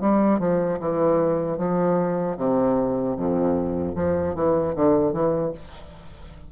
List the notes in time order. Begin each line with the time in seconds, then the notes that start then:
0.00 G3
0.39 F3
0.79 E3
1.57 F3
2.37 C3
3.16 F2
3.95 F3
4.35 E3
4.75 D3
5.12 E3